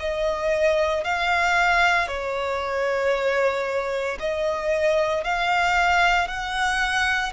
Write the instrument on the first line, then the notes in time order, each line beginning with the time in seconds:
violin
0.00 D#5
1.05 F5
2.08 C#5
4.20 D#5
5.24 F5
6.28 F#5